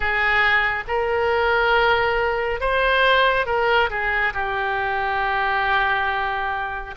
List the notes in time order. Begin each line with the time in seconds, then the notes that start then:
0.00 G#4
0.87 A#4
2.60 C5
3.46 A#4
3.89 G#4
4.33 G4